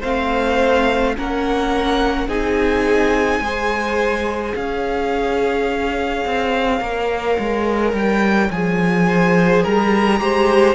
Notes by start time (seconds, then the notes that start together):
0.00 A3 C4 C5 F5
1.16 A#3 C#4 A#4 F#5
2.27 C4 D#4 G#4 G#5
3.40 G#3 G#4 C5
4.55 C#4 C#5 F5
6.25 C4
6.79 A#3 A#4
7.38 G#3
7.92 G3 G5
8.50 F3 G#4 G#5
9.07 C5
9.63 G3 A#4 A#5
10.19 G#3 G4 C5